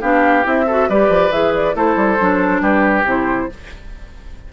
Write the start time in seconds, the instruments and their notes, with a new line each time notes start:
0.00 bassoon B3, clarinet D4, oboe G4, flute F5
0.43 bassoon C4, clarinet E4, flute E5
0.66 clarinet F#4, oboe A4
0.89 bassoon G3, clarinet G4, oboe B4, flute D5
1.09 bassoon F3
1.30 bassoon E3, clarinet G#4, flute E5
1.54 flute D5
1.74 bassoon A3, clarinet E4, oboe A4, flute C5
1.96 bassoon G3
2.20 bassoon F#3, clarinet D4
2.61 bassoon G3, oboe G4, flute B4
3.04 bassoon C3, clarinet E4, flute C5